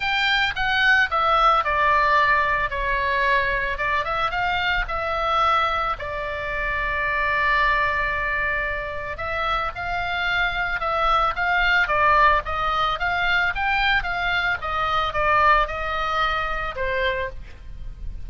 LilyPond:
\new Staff \with { instrumentName = "oboe" } { \time 4/4 \tempo 4 = 111 g''4 fis''4 e''4 d''4~ | d''4 cis''2 d''8 e''8 | f''4 e''2 d''4~ | d''1~ |
d''4 e''4 f''2 | e''4 f''4 d''4 dis''4 | f''4 g''4 f''4 dis''4 | d''4 dis''2 c''4 | }